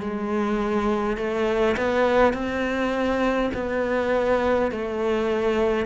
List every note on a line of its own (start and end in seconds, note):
0.00 1.17 G#3
1.17 1.76 A3
1.77 2.33 B3
2.33 3.51 C4
3.54 4.71 B3
4.71 5.86 A3